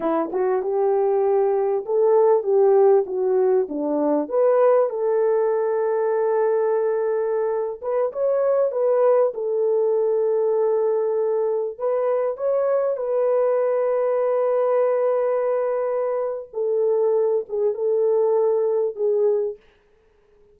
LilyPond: \new Staff \with { instrumentName = "horn" } { \time 4/4 \tempo 4 = 98 e'8 fis'8 g'2 a'4 | g'4 fis'4 d'4 b'4 | a'1~ | a'8. b'8 cis''4 b'4 a'8.~ |
a'2.~ a'16 b'8.~ | b'16 cis''4 b'2~ b'8.~ | b'2. a'4~ | a'8 gis'8 a'2 gis'4 | }